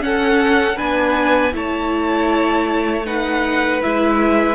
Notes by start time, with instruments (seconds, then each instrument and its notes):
0.00 viola C#4, cello C#4, violin A4 F#5
0.76 cello B3, viola D4, violin B4 G#5
1.51 cello A3, viola E4, violin C#5 A5
3.05 viola D#4, violin B4 F#5
3.82 cello G#3, viola E4, violin E5